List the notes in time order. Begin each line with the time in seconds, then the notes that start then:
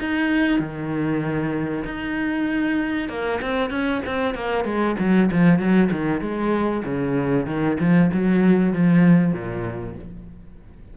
0.00 D#4
0.60 D#3
1.85 D#4
3.09 A#3
3.42 C4
3.70 C#4
4.06 C4
4.35 A#3
4.65 G#3
4.99 F#3
5.32 F3
5.59 F#3
5.92 D#3
6.21 G#3
6.86 C#3
7.47 D#3
7.80 F3
8.14 F#3
8.73 F3
9.33 A#2